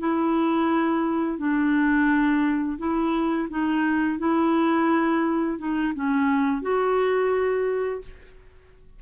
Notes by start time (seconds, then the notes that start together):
0.00 E4
1.39 D4
2.79 E4
3.50 D#4
4.19 E4
5.59 D#4
5.95 C#4
6.62 F#4